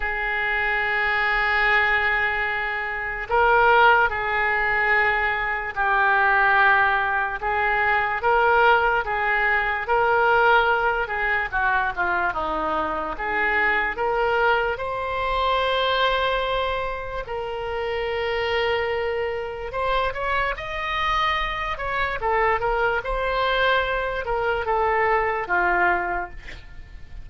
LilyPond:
\new Staff \with { instrumentName = "oboe" } { \time 4/4 \tempo 4 = 73 gis'1 | ais'4 gis'2 g'4~ | g'4 gis'4 ais'4 gis'4 | ais'4. gis'8 fis'8 f'8 dis'4 |
gis'4 ais'4 c''2~ | c''4 ais'2. | c''8 cis''8 dis''4. cis''8 a'8 ais'8 | c''4. ais'8 a'4 f'4 | }